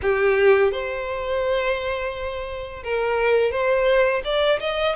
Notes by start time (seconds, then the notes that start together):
0.02 G4
0.71 C5
2.83 A#4
3.51 C5
4.24 D5
4.60 D#5